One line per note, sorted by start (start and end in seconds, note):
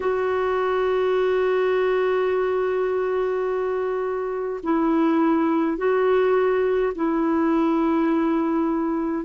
0.00 4.60 F#4
4.63 5.77 E4
5.77 6.92 F#4
6.95 9.25 E4